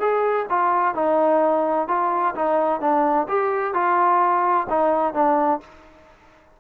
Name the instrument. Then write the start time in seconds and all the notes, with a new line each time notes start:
trombone
0.00 G#4
0.50 F4
0.95 D#4
1.88 F4
2.35 D#4
2.81 D4
3.29 G4
3.74 F4
4.70 D#4
5.14 D4